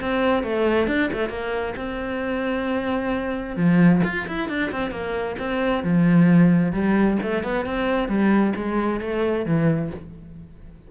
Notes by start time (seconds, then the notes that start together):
0.00 C4
0.43 A3
0.87 D4
1.13 A3
1.29 A#3
1.76 C4
3.56 F3
4.04 F4
4.27 E4
4.48 D4
4.72 C4
4.90 A#3
5.39 C4
5.83 F3
6.72 G3
7.22 A3
7.43 B3
7.65 C4
8.08 G3
8.55 G#3
9.00 A3
9.46 E3